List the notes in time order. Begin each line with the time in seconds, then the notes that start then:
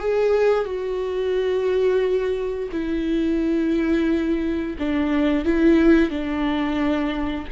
0.00 G#4
0.65 F#4
2.72 E4
4.79 D4
5.45 E4
6.11 D4